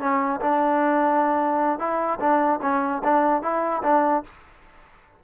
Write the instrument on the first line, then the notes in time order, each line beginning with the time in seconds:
trombone
0.00 C#4
0.41 D4
1.79 E4
2.20 D4
2.62 C#4
3.04 D4
3.42 E4
3.83 D4